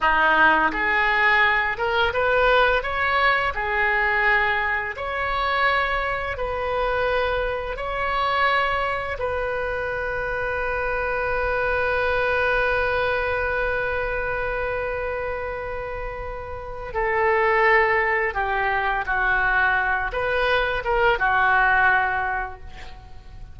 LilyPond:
\new Staff \with { instrumentName = "oboe" } { \time 4/4 \tempo 4 = 85 dis'4 gis'4. ais'8 b'4 | cis''4 gis'2 cis''4~ | cis''4 b'2 cis''4~ | cis''4 b'2.~ |
b'1~ | b'1 | a'2 g'4 fis'4~ | fis'8 b'4 ais'8 fis'2 | }